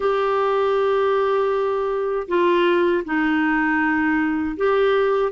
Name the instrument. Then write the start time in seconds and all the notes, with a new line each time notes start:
clarinet
0.00 G4
2.28 F4
3.04 D#4
4.56 G4